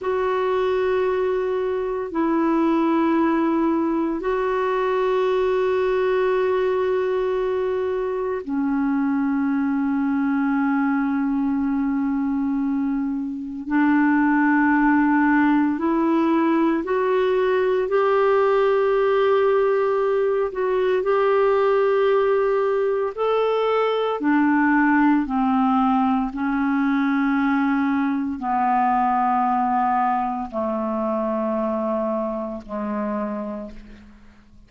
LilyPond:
\new Staff \with { instrumentName = "clarinet" } { \time 4/4 \tempo 4 = 57 fis'2 e'2 | fis'1 | cis'1~ | cis'4 d'2 e'4 |
fis'4 g'2~ g'8 fis'8 | g'2 a'4 d'4 | c'4 cis'2 b4~ | b4 a2 gis4 | }